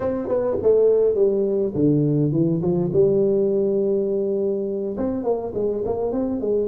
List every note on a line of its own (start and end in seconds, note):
0.00 0.28 C4
0.28 0.57 B3
0.62 1.15 A3
1.15 1.73 G3
1.74 2.32 D3
2.32 2.61 E3
2.61 2.90 F3
2.92 4.96 G3
4.97 5.23 C4
5.23 5.52 A#3
5.54 5.83 G#3
5.85 6.12 A#3
6.12 6.41 C4
6.41 6.68 G#3